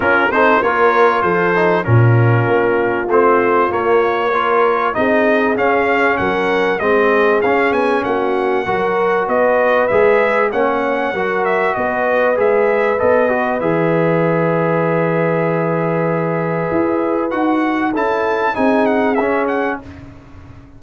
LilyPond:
<<
  \new Staff \with { instrumentName = "trumpet" } { \time 4/4 \tempo 4 = 97 ais'8 c''8 cis''4 c''4 ais'4~ | ais'4 c''4 cis''2 | dis''4 f''4 fis''4 dis''4 | f''8 gis''8 fis''2 dis''4 |
e''4 fis''4. e''8 dis''4 | e''4 dis''4 e''2~ | e''1 | fis''4 a''4 gis''8 fis''8 e''8 fis''8 | }
  \new Staff \with { instrumentName = "horn" } { \time 4/4 f'8 a'8 ais'4 a'4 f'4~ | f'2. ais'4 | gis'2 ais'4 gis'4~ | gis'4 fis'4 ais'4 b'4~ |
b'4 cis''4 ais'4 b'4~ | b'1~ | b'1~ | b'4 a'4 gis'2 | }
  \new Staff \with { instrumentName = "trombone" } { \time 4/4 cis'8 dis'8 f'4. dis'8 cis'4~ | cis'4 c'4 ais4 f'4 | dis'4 cis'2 c'4 | cis'2 fis'2 |
gis'4 cis'4 fis'2 | gis'4 a'8 fis'8 gis'2~ | gis'1 | fis'4 e'4 dis'4 cis'4 | }
  \new Staff \with { instrumentName = "tuba" } { \time 4/4 cis'8 c'8 ais4 f4 ais,4 | ais4 a4 ais2 | c'4 cis'4 fis4 gis4 | cis'8 b8 ais4 fis4 b4 |
gis4 ais4 fis4 b4 | gis4 b4 e2~ | e2. e'4 | dis'4 cis'4 c'4 cis'4 | }
>>